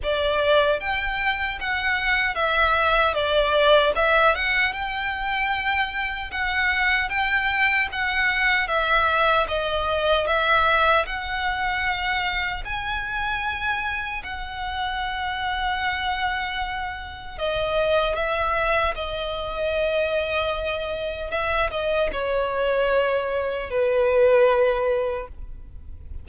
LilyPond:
\new Staff \with { instrumentName = "violin" } { \time 4/4 \tempo 4 = 76 d''4 g''4 fis''4 e''4 | d''4 e''8 fis''8 g''2 | fis''4 g''4 fis''4 e''4 | dis''4 e''4 fis''2 |
gis''2 fis''2~ | fis''2 dis''4 e''4 | dis''2. e''8 dis''8 | cis''2 b'2 | }